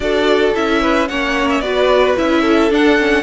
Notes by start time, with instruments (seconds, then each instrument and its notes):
0.00 cello D4, viola F#4, violin A4 D5
0.54 cello C#4, viola E4, violin E5
0.81 violin B4
1.08 cello A#3, viola C#4, violin C#5 F#5
1.49 violin E5
1.60 cello B3, viola F#4, violin B4 D5
2.16 cello C#4, viola E4, violin E5
2.41 violin A4
2.70 viola D4, cello D4, violin F#5
2.98 viola C#4